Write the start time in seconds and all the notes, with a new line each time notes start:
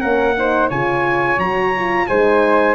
0.00 A#3 C#4 A#4 F#5
0.36 D#4 C5
0.69 C#3 F4 C#5 G#5
1.38 F#3 F#4 A#5
1.76 F4
2.07 G#3 D#4 C5 G#5